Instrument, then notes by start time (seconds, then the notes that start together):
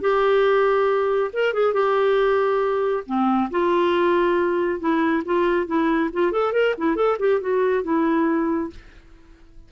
clarinet
0.00 G4
1.33 A#4
1.53 G#4
1.73 G4
3.06 C4
3.50 F4
4.79 E4
5.25 F4
5.66 E4
6.13 F4
6.31 A4
6.52 A#4
6.77 E4
6.95 A4
7.18 G4
7.40 F#4
7.83 E4